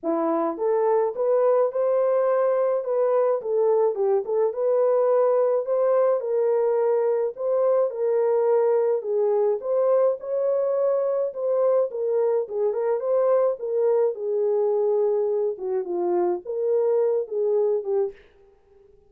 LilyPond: \new Staff \with { instrumentName = "horn" } { \time 4/4 \tempo 4 = 106 e'4 a'4 b'4 c''4~ | c''4 b'4 a'4 g'8 a'8 | b'2 c''4 ais'4~ | ais'4 c''4 ais'2 |
gis'4 c''4 cis''2 | c''4 ais'4 gis'8 ais'8 c''4 | ais'4 gis'2~ gis'8 fis'8 | f'4 ais'4. gis'4 g'8 | }